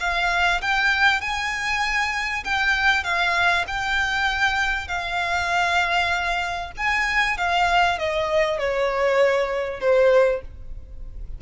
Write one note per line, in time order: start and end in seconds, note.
0.00 0.61 F5
0.62 1.21 G5
1.21 2.44 G#5
2.44 3.04 G5
3.04 3.65 F5
3.68 4.88 G5
4.88 6.72 F5
6.77 7.37 G#5
7.37 7.99 F5
7.99 8.59 D#5
8.59 9.80 C#5
9.80 10.42 C5